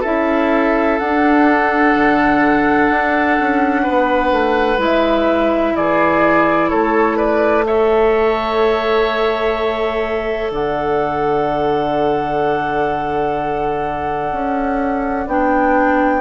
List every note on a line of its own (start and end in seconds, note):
0.00 0.99 C#4
0.00 0.99 E4
0.00 3.81 A4
0.00 0.98 E5
0.98 1.95 D4
0.98 4.78 D4
0.98 4.79 F#5
1.95 2.90 D3
2.90 3.38 D4
3.40 3.87 C#4
3.83 4.31 B3
3.83 5.73 B4
4.31 4.78 A3
4.78 5.73 G#3
4.78 7.63 E4
4.78 5.76 E5
5.76 6.71 E3
5.76 6.70 G#4
5.76 6.69 D5
6.69 10.50 A3
6.69 7.16 A4
6.69 7.16 C#5
7.16 7.64 B4
7.16 7.64 D5
7.64 15.26 A4
7.64 10.52 C#5
7.64 10.51 E5
10.50 14.31 D3
10.50 16.21 D5
10.50 15.28 F#5
14.31 15.26 C#4
15.26 16.21 B3
15.26 16.21 D4
15.26 16.21 G5